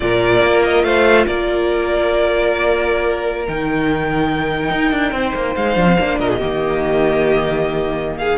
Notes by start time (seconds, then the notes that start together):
0.00 A#2 F4 A#4 D5
0.41 A#3
0.64 D#5
0.83 A3 C5 F5
1.26 A#3 A#4 D5
3.47 D#3 D#4 G5
4.70 D#4
4.91 D4
5.11 C4 C5
5.34 A#3
5.55 G#3 F5
5.76 F3 D4
5.85 C4
5.99 A#3 D4
6.18 A#2 A#4 D#5
6.29 G#4
6.38 D#3 A#3 G4
8.18 G#4 F5